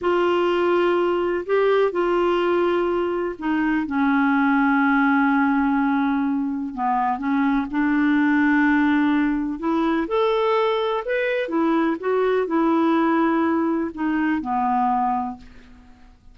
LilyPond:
\new Staff \with { instrumentName = "clarinet" } { \time 4/4 \tempo 4 = 125 f'2. g'4 | f'2. dis'4 | cis'1~ | cis'2 b4 cis'4 |
d'1 | e'4 a'2 b'4 | e'4 fis'4 e'2~ | e'4 dis'4 b2 | }